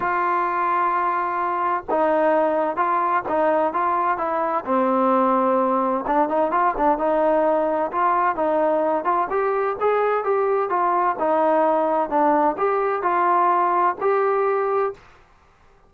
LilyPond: \new Staff \with { instrumentName = "trombone" } { \time 4/4 \tempo 4 = 129 f'1 | dis'2 f'4 dis'4 | f'4 e'4 c'2~ | c'4 d'8 dis'8 f'8 d'8 dis'4~ |
dis'4 f'4 dis'4. f'8 | g'4 gis'4 g'4 f'4 | dis'2 d'4 g'4 | f'2 g'2 | }